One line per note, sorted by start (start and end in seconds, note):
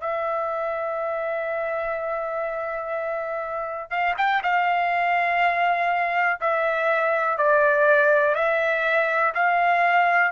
0.00 3.90 E5
3.90 4.14 F5
4.17 4.42 G5
4.43 6.39 F5
6.40 7.37 E5
7.37 8.35 D5
8.35 9.33 E5
9.34 10.31 F5